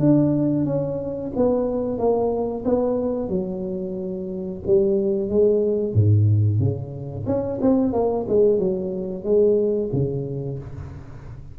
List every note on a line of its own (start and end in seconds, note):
0.00 0.66 D4
0.66 1.32 C#4
1.37 1.98 B3
1.98 2.64 A#3
2.65 3.29 B3
3.29 4.61 F#3
4.67 5.30 G3
5.30 5.95 G#3
5.95 6.60 G#2
6.60 7.26 C#3
7.27 7.60 C#4
7.62 7.93 C4
7.93 8.26 A#3
8.29 8.59 G#3
8.59 9.24 F#3
9.24 9.90 G#3
9.94 10.59 C#3